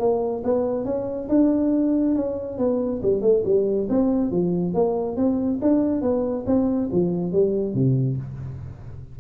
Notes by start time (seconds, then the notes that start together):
0.00 A#3
0.44 B3
0.85 C#4
1.29 D4
2.16 C#4
2.58 B3
3.03 G3
3.22 A3
3.45 G3
3.90 C4
4.31 F3
4.74 A#3
5.17 C4
5.62 D4
6.02 B3
6.47 C4
6.92 F3
7.33 G3
7.74 C3